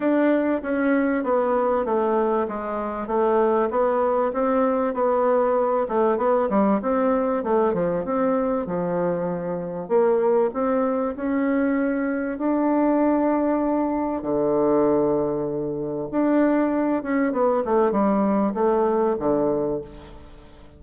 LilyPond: \new Staff \with { instrumentName = "bassoon" } { \time 4/4 \tempo 4 = 97 d'4 cis'4 b4 a4 | gis4 a4 b4 c'4 | b4. a8 b8 g8 c'4 | a8 f8 c'4 f2 |
ais4 c'4 cis'2 | d'2. d4~ | d2 d'4. cis'8 | b8 a8 g4 a4 d4 | }